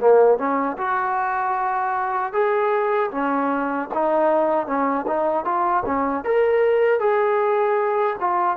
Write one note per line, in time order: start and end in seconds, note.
0.00 0.38 A#3
0.38 0.77 C#4
0.78 2.32 F#4
2.32 3.10 G#4
3.11 3.89 C#4
3.94 4.66 D#4
4.66 5.05 C#4
5.07 5.44 D#4
5.44 5.83 F4
5.85 6.24 C#4
6.24 7.00 A#4
7.00 8.16 G#4
8.20 8.57 F4